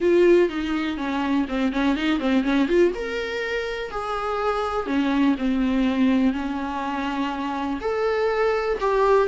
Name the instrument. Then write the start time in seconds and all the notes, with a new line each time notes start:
viola
0.00 F4
0.49 D#4
0.97 C#4
1.48 C4
1.72 C#4
1.96 D#4
2.19 C4
2.43 C#4
2.68 F4
2.94 A#4
3.90 G#4
4.86 C#4
5.38 C4
6.33 C#4
7.80 A4
8.80 G4